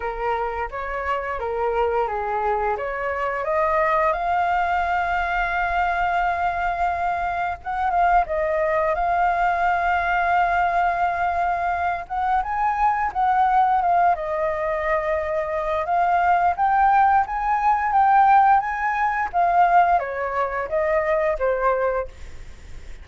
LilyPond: \new Staff \with { instrumentName = "flute" } { \time 4/4 \tempo 4 = 87 ais'4 cis''4 ais'4 gis'4 | cis''4 dis''4 f''2~ | f''2. fis''8 f''8 | dis''4 f''2.~ |
f''4. fis''8 gis''4 fis''4 | f''8 dis''2~ dis''8 f''4 | g''4 gis''4 g''4 gis''4 | f''4 cis''4 dis''4 c''4 | }